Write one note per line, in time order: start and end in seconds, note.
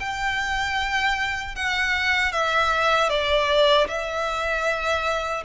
0.00 1.55 G5
1.55 2.32 F#5
2.32 3.10 E5
3.10 3.87 D5
3.88 5.44 E5